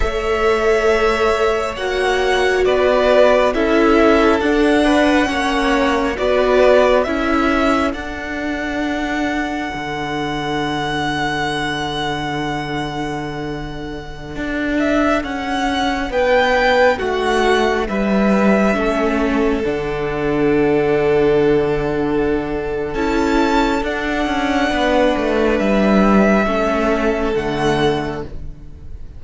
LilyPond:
<<
  \new Staff \with { instrumentName = "violin" } { \time 4/4 \tempo 4 = 68 e''2 fis''4 d''4 | e''4 fis''2 d''4 | e''4 fis''2.~ | fis''1~ |
fis''8. e''8 fis''4 g''4 fis''8.~ | fis''16 e''2 fis''4.~ fis''16~ | fis''2 a''4 fis''4~ | fis''4 e''2 fis''4 | }
  \new Staff \with { instrumentName = "violin" } { \time 4/4 cis''2. b'4 | a'4. b'8 cis''4 b'4 | a'1~ | a'1~ |
a'2~ a'16 b'4 fis'8.~ | fis'16 b'4 a'2~ a'8.~ | a'1 | b'2 a'2 | }
  \new Staff \with { instrumentName = "viola" } { \time 4/4 a'2 fis'2 | e'4 d'4 cis'4 fis'4 | e'4 d'2.~ | d'1~ |
d'1~ | d'4~ d'16 cis'4 d'4.~ d'16~ | d'2 e'4 d'4~ | d'2 cis'4 a4 | }
  \new Staff \with { instrumentName = "cello" } { \time 4/4 a2 ais4 b4 | cis'4 d'4 ais4 b4 | cis'4 d'2 d4~ | d1~ |
d16 d'4 cis'4 b4 a8.~ | a16 g4 a4 d4.~ d16~ | d2 cis'4 d'8 cis'8 | b8 a8 g4 a4 d4 | }
>>